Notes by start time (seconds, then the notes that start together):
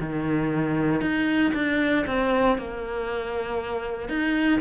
0.00 D#3
1.01 D#4
1.54 D4
2.07 C4
2.58 A#3
4.09 D#4